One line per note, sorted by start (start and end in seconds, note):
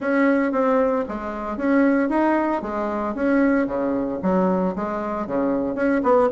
0.00 0.52 C#4
0.52 1.04 C4
1.08 1.57 G#3
1.57 2.09 C#4
2.09 2.61 D#4
2.62 3.14 G#3
3.14 3.67 C#4
3.67 4.19 C#3
4.22 4.75 F#3
4.75 5.26 G#3
5.26 5.75 C#3
5.75 6.01 C#4
6.03 6.29 B3